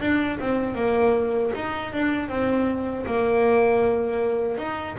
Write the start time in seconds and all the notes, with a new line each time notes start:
0.00 D4
0.39 C4
0.74 A#3
1.55 D#4
1.93 D4
2.28 C4
3.05 A#3
4.57 D#4